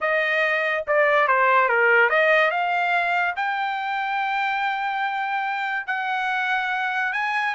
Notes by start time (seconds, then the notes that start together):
0.00 D#5
0.87 D5
1.27 C5
1.68 A#4
2.09 D#5
2.50 F5
3.36 G5
5.86 F#5
7.12 G#5